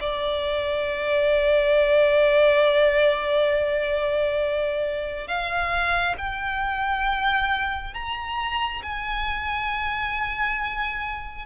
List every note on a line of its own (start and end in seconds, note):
0.00 5.27 D5
5.27 6.15 F5
6.17 7.93 G5
7.93 8.82 A#5
8.82 11.45 G#5